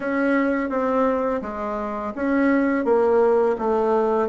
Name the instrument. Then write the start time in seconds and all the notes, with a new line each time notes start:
bassoon
0.00 C#4
0.69 C4
1.41 G#3
2.15 C#4
2.84 A#3
3.58 A3